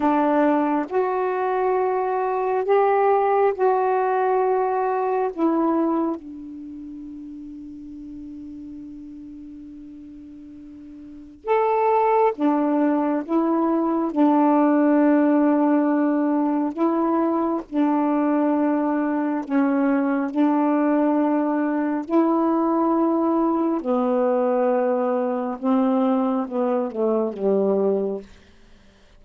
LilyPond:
\new Staff \with { instrumentName = "saxophone" } { \time 4/4 \tempo 4 = 68 d'4 fis'2 g'4 | fis'2 e'4 d'4~ | d'1~ | d'4 a'4 d'4 e'4 |
d'2. e'4 | d'2 cis'4 d'4~ | d'4 e'2 b4~ | b4 c'4 b8 a8 g4 | }